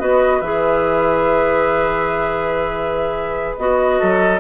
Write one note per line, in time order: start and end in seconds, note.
0.00 0.42 B3
0.00 0.42 F#4
0.00 3.99 B4
0.00 0.42 D#5
0.42 3.56 E3
0.42 3.59 G#4
0.42 3.56 E5
3.57 4.00 B3
3.57 4.41 F#4
3.57 4.41 D#5
3.99 4.41 F#3
3.99 4.41 A4